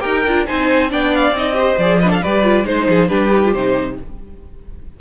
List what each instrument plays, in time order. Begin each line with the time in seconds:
0.00 cello D#4, viola G4, violin A#4 G5
0.25 cello D4, viola F4
0.47 cello C4, viola D#4, violin C5 G#5
0.90 cello B3, viola D4, violin D5 G5
1.14 violin F5
1.31 cello C4, viola D#4, violin D#5
1.53 viola G4, violin C5
1.78 cello F3, viola G#4, violin D5
1.99 viola D4, violin B4 D#5
2.10 violin A4 F5
2.22 cello G3, viola G4, violin B4 D5
2.44 viola F4
2.65 cello G#3, viola D#4, violin C5
2.89 cello F3, violin G#4
3.08 cello G3, viola D4, violin G4 B4
3.33 viola D#4
3.45 viola F4
3.53 cello C3, viola D#4, violin C5